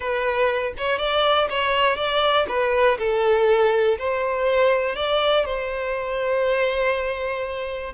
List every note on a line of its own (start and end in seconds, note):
0.00 0.73 B4
0.77 0.98 C#5
0.98 1.48 D5
1.49 1.96 C#5
1.96 2.46 D5
2.48 2.98 B4
2.99 3.98 A4
3.98 4.95 C5
4.95 5.45 D5
5.45 7.93 C5